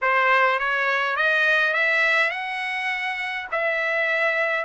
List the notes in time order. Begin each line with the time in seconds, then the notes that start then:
0.01 C5
0.59 C#5
1.16 D#5
1.73 E5
2.30 F#5
3.51 E5